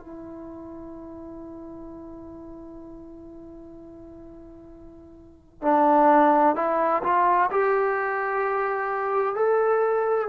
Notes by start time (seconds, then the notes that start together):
0.00 E4
5.62 D4
6.56 E4
7.04 F4
7.51 G4
9.36 A4